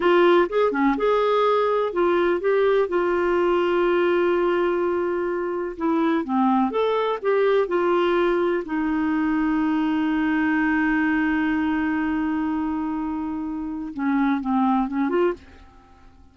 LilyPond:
\new Staff \with { instrumentName = "clarinet" } { \time 4/4 \tempo 4 = 125 f'4 gis'8 cis'8 gis'2 | f'4 g'4 f'2~ | f'1 | e'4 c'4 a'4 g'4 |
f'2 dis'2~ | dis'1~ | dis'1~ | dis'4 cis'4 c'4 cis'8 f'8 | }